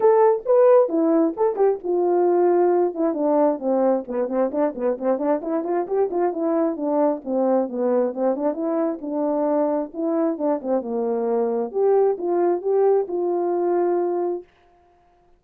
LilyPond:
\new Staff \with { instrumentName = "horn" } { \time 4/4 \tempo 4 = 133 a'4 b'4 e'4 a'8 g'8 | f'2~ f'8 e'8 d'4 | c'4 b8 c'8 d'8 b8 c'8 d'8 | e'8 f'8 g'8 f'8 e'4 d'4 |
c'4 b4 c'8 d'8 e'4 | d'2 e'4 d'8 c'8 | ais2 g'4 f'4 | g'4 f'2. | }